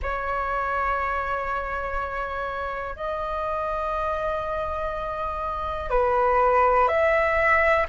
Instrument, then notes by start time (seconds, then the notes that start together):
flute
0.02 C#5
2.95 D#5
5.90 B4
6.88 E5